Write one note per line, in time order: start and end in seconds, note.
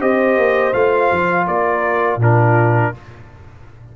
0.00 0.37 C4
0.00 0.74 G4
0.00 1.46 C5
0.00 0.74 D#5
0.37 0.74 A#3
0.74 1.11 A3
0.74 2.20 F4
0.74 1.47 F5
1.12 1.48 F3
1.48 2.17 A#3
1.48 2.20 A#4
1.48 2.21 D5
2.17 2.90 A#2
2.17 2.94 D4
2.17 2.93 F4
2.23 2.96 A#4